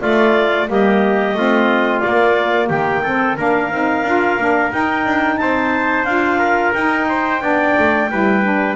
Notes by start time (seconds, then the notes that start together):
0.00 A3 F4 D5
0.66 G3 A#3 G4 D#5
1.34 A3 C4 F4
2.00 A#3 D5
2.68 D#3 G4 G5
3.03 C4 A4
3.37 A#3 D4 A#4 F5
3.71 C4 D#4
4.03 D4 F4
4.38 A#3 D4
4.71 D#4 G5
5.05 D4
5.37 C4 C5 A5
6.05 D4 F4 F5
6.39 A#4
6.73 D#4 G5
7.09 C5
7.41 B3 D4 D5
7.79 A3
8.11 G3 E4 B4
8.43 D4